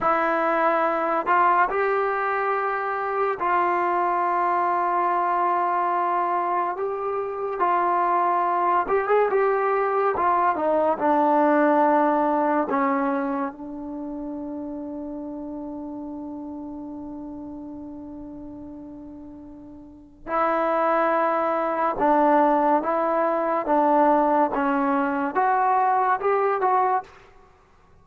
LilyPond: \new Staff \with { instrumentName = "trombone" } { \time 4/4 \tempo 4 = 71 e'4. f'8 g'2 | f'1 | g'4 f'4. g'16 gis'16 g'4 | f'8 dis'8 d'2 cis'4 |
d'1~ | d'1 | e'2 d'4 e'4 | d'4 cis'4 fis'4 g'8 fis'8 | }